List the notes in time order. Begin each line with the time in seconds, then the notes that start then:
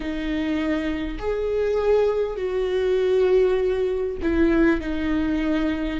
0.00 D#4
1.18 G#4
2.36 F#4
4.22 E4
4.80 D#4